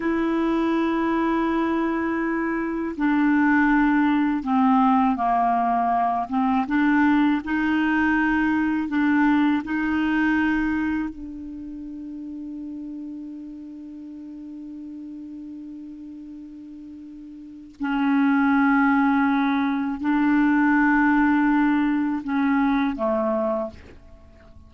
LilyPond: \new Staff \with { instrumentName = "clarinet" } { \time 4/4 \tempo 4 = 81 e'1 | d'2 c'4 ais4~ | ais8 c'8 d'4 dis'2 | d'4 dis'2 d'4~ |
d'1~ | d'1 | cis'2. d'4~ | d'2 cis'4 a4 | }